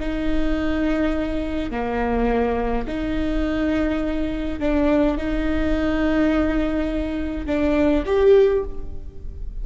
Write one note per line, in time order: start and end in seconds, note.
0.00 1.71 D#4
1.71 2.86 A#3
2.88 4.60 D#4
4.60 5.18 D4
5.18 7.47 D#4
7.47 8.04 D4
8.06 8.64 G4